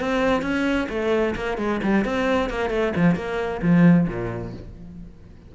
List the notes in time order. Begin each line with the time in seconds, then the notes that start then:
0.00 C4
0.42 C#4
0.89 A3
1.36 A#3
1.58 G#3
1.83 G3
2.05 C4
2.50 A#3
2.70 A3
2.96 F3
3.15 A#3
3.62 F3
4.08 A#2